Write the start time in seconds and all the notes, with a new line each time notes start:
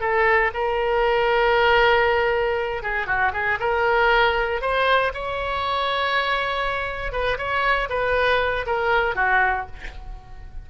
0.00 A4
0.54 A#4
2.83 G#4
3.06 F#4
3.33 G#4
3.59 A#4
4.61 C5
5.14 C#5
7.12 B4
7.38 C#5
7.89 B4
8.66 A#4
9.15 F#4